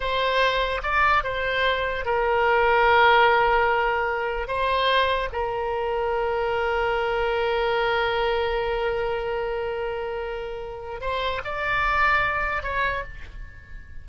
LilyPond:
\new Staff \with { instrumentName = "oboe" } { \time 4/4 \tempo 4 = 147 c''2 d''4 c''4~ | c''4 ais'2.~ | ais'2. c''4~ | c''4 ais'2.~ |
ais'1~ | ais'1~ | ais'2. c''4 | d''2. cis''4 | }